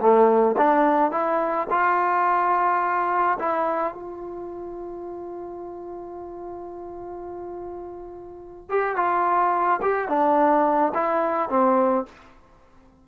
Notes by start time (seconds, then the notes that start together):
0.00 A3
0.58 D4
1.12 E4
1.71 F4
3.39 E4
3.94 F4
8.70 G4
8.96 F4
9.82 G4
10.09 D4
10.94 E4
11.50 C4